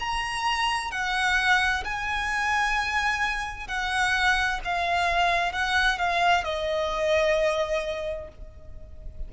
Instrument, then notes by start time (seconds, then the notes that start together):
violin
0.00 A#5
0.92 F#5
1.85 G#5
3.68 F#5
4.65 F5
5.53 F#5
5.99 F5
6.44 D#5